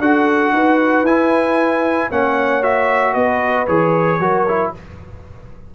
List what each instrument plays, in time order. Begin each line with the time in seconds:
0.00 tuba D4, trombone F#4, horn A4, trumpet F#5
0.53 tuba D#4, horn B4
1.03 tuba E4, trombone E4, trumpet G#5
2.11 tuba A#3, trombone C#4, horn C#5, trumpet F#5
2.62 trombone F#4, trumpet E5
3.13 tuba B3, horn B4, trumpet D#5
3.67 tuba E3, trombone G#4, trumpet C#5
4.19 tuba F#3, trombone F#4, horn A#4
4.48 trombone E4